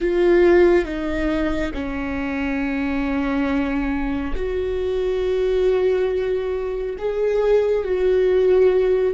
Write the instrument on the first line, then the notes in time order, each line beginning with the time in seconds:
viola
0.00 F4
0.85 D#4
1.74 C#4
4.35 F#4
6.98 G#4
7.84 F#4